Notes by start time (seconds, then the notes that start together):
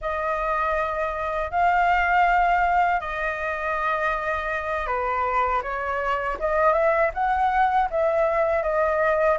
0.01 D#5
1.50 F5
3.00 D#5
4.86 B4
5.62 C#5
6.39 D#5
6.73 E5
7.14 F#5
7.90 E5
8.62 D#5